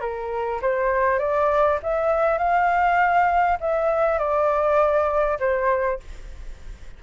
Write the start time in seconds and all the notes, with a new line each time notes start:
0.00 A#4
0.61 C5
1.18 D5
1.82 E5
2.38 F5
3.60 E5
4.18 D5
5.39 C5